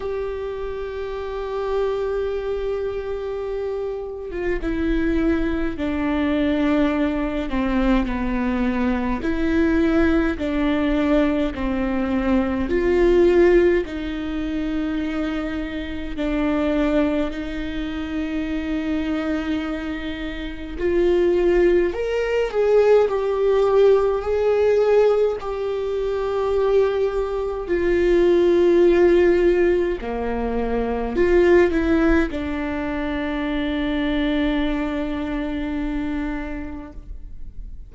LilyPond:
\new Staff \with { instrumentName = "viola" } { \time 4/4 \tempo 4 = 52 g'2.~ g'8. f'16 | e'4 d'4. c'8 b4 | e'4 d'4 c'4 f'4 | dis'2 d'4 dis'4~ |
dis'2 f'4 ais'8 gis'8 | g'4 gis'4 g'2 | f'2 ais4 f'8 e'8 | d'1 | }